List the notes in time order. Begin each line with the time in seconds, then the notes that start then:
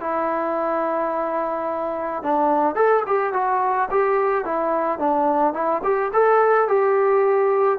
0.00 E4
2.22 D4
2.75 A4
3.06 G4
3.33 F#4
3.90 G4
4.44 E4
4.98 D4
5.53 E4
5.83 G4
6.13 A4
6.68 G4